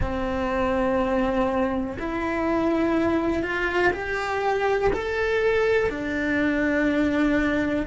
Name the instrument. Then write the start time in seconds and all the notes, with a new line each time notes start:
cello
0.00 C4
1.99 E4
3.42 F4
3.93 G4
4.92 A4
5.89 D4